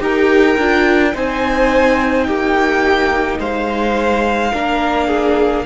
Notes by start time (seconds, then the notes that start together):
0.00 D#4 G4 A#4 G5
0.58 D4 F4
1.13 C4 D#4 C5 G#5
2.24 A#3 G4 G5
3.39 G#3 C5 F5
4.53 A#3 D4 A#4
5.07 G#4